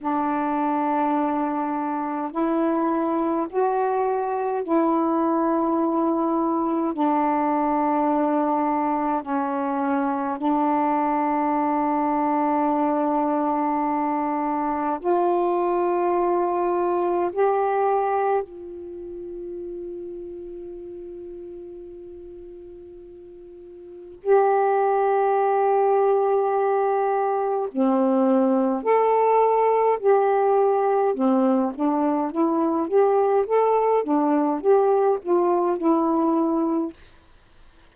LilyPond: \new Staff \with { instrumentName = "saxophone" } { \time 4/4 \tempo 4 = 52 d'2 e'4 fis'4 | e'2 d'2 | cis'4 d'2.~ | d'4 f'2 g'4 |
f'1~ | f'4 g'2. | c'4 a'4 g'4 c'8 d'8 | e'8 g'8 a'8 d'8 g'8 f'8 e'4 | }